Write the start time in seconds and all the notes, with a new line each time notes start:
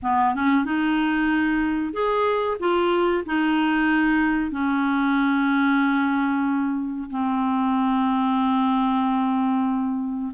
0.02 B3
0.35 C#4
0.65 D#4
1.93 G#4
2.59 F4
3.26 D#4
4.51 C#4
7.09 C4